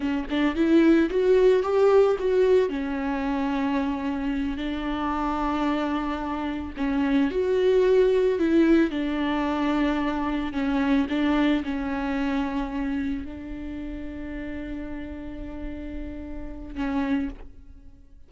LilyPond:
\new Staff \with { instrumentName = "viola" } { \time 4/4 \tempo 4 = 111 cis'8 d'8 e'4 fis'4 g'4 | fis'4 cis'2.~ | cis'8 d'2.~ d'8~ | d'8 cis'4 fis'2 e'8~ |
e'8 d'2. cis'8~ | cis'8 d'4 cis'2~ cis'8~ | cis'8 d'2.~ d'8~ | d'2. cis'4 | }